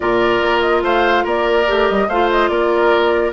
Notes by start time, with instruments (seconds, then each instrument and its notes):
0.00 bassoon A#2, clarinet F4, oboe A#4, flute D5
0.41 bassoon A#3
0.60 flute D#5
0.82 bassoon A3, oboe C5, flute F5
1.24 bassoon A#3, oboe A#4, flute D5
1.66 bassoon A3, clarinet G4
1.88 bassoon G3, flute D#5
2.08 bassoon A3, clarinet F4, oboe C5, flute F5
2.31 flute D#5
2.48 bassoon A#3, oboe A#4, flute D5